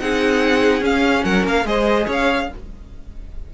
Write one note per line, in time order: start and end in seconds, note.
0.00 0.81 C4
0.00 0.81 D#4
0.00 1.24 G#4
0.00 0.83 F#5
0.81 1.65 C#4
0.81 1.23 C#4
0.81 1.24 F5
1.24 1.45 F#3
1.24 1.66 A#4
1.24 1.45 F#5
1.45 1.65 A#3
1.45 1.67 F5
1.65 2.06 G#3
1.65 2.49 G#4
1.65 2.07 C5
1.65 2.09 D#5
2.07 2.49 C#4
2.07 2.48 C#5
2.07 2.54 F5